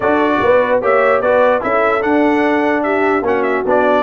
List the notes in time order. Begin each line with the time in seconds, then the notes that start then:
0.00 D4 F#4 A4 D5
0.42 B3 B4
0.81 A#3 G4 C#5 E5
1.21 B3 F#4 B4 D5
1.60 C#4 E4 A4 E5
2.00 D4 F#5
2.82 G4 E5
3.22 A#3 C#4 F#4 F#5
3.42 E5
3.65 B3 D4 D5